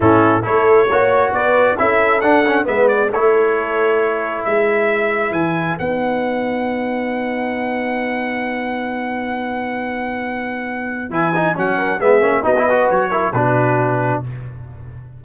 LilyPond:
<<
  \new Staff \with { instrumentName = "trumpet" } { \time 4/4 \tempo 4 = 135 a'4 cis''2 d''4 | e''4 fis''4 e''8 d''8 cis''4~ | cis''2 e''2 | gis''4 fis''2.~ |
fis''1~ | fis''1~ | fis''4 gis''4 fis''4 e''4 | dis''4 cis''4 b'2 | }
  \new Staff \with { instrumentName = "horn" } { \time 4/4 e'4 a'4 cis''4 b'4 | a'2 b'4 a'4~ | a'2 b'2~ | b'1~ |
b'1~ | b'1~ | b'2~ b'8 ais'8 gis'4 | fis'8 b'4 ais'8 fis'2 | }
  \new Staff \with { instrumentName = "trombone" } { \time 4/4 cis'4 e'4 fis'2 | e'4 d'8 cis'8 b4 e'4~ | e'1~ | e'4 dis'2.~ |
dis'1~ | dis'1~ | dis'4 e'8 dis'8 cis'4 b8 cis'8 | dis'16 e'16 fis'4 e'8 d'2 | }
  \new Staff \with { instrumentName = "tuba" } { \time 4/4 a,4 a4 ais4 b4 | cis'4 d'4 gis4 a4~ | a2 gis2 | e4 b2.~ |
b1~ | b1~ | b4 e4 fis4 gis8 ais8 | b4 fis4 b,2 | }
>>